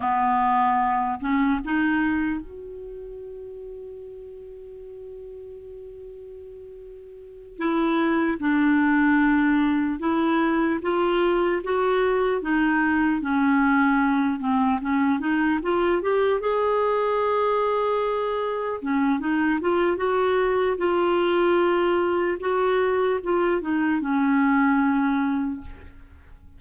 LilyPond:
\new Staff \with { instrumentName = "clarinet" } { \time 4/4 \tempo 4 = 75 b4. cis'8 dis'4 fis'4~ | fis'1~ | fis'4. e'4 d'4.~ | d'8 e'4 f'4 fis'4 dis'8~ |
dis'8 cis'4. c'8 cis'8 dis'8 f'8 | g'8 gis'2. cis'8 | dis'8 f'8 fis'4 f'2 | fis'4 f'8 dis'8 cis'2 | }